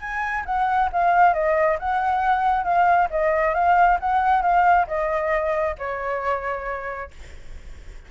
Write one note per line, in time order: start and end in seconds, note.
0.00 0.44 G#5
0.46 0.90 F#5
0.93 1.34 F5
1.34 1.78 D#5
1.79 2.64 F#5
2.64 3.08 F5
3.10 3.54 D#5
3.54 3.98 F5
4.00 4.42 F#5
4.42 4.86 F5
4.87 5.76 D#5
5.79 7.11 C#5